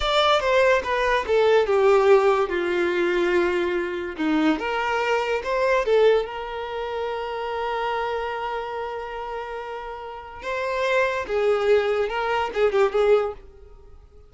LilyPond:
\new Staff \with { instrumentName = "violin" } { \time 4/4 \tempo 4 = 144 d''4 c''4 b'4 a'4 | g'2 f'2~ | f'2 dis'4 ais'4~ | ais'4 c''4 a'4 ais'4~ |
ais'1~ | ais'1~ | ais'4 c''2 gis'4~ | gis'4 ais'4 gis'8 g'8 gis'4 | }